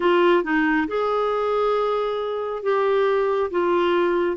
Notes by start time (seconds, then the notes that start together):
0.00 F4
0.43 D#4
0.87 G#4
2.63 G4
3.50 F4